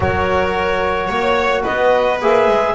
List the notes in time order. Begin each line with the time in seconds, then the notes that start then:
0.00 F#3 F#4 A#4 C#5
1.07 A#3 C#5
1.62 B3 B4 D#5
2.21 A#3 G#4 E5
2.48 G#3